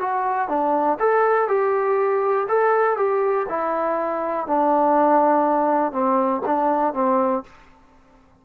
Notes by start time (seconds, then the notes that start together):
0.00 F#4
0.48 D4
0.99 A4
1.48 G4
2.48 A4
2.97 G4
3.49 E4
4.47 D4
5.92 C4
6.46 D4
6.94 C4